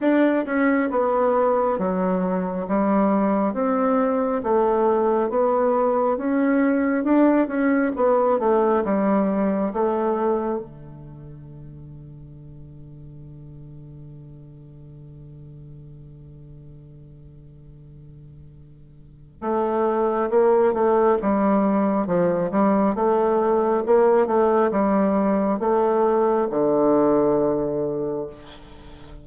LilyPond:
\new Staff \with { instrumentName = "bassoon" } { \time 4/4 \tempo 4 = 68 d'8 cis'8 b4 fis4 g4 | c'4 a4 b4 cis'4 | d'8 cis'8 b8 a8 g4 a4 | d1~ |
d1~ | d2 a4 ais8 a8 | g4 f8 g8 a4 ais8 a8 | g4 a4 d2 | }